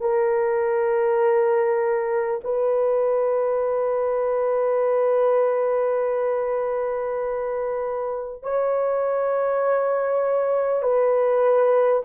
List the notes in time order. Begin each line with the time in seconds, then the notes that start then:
0.00 A#4
2.44 B4
8.42 C#5
10.82 B4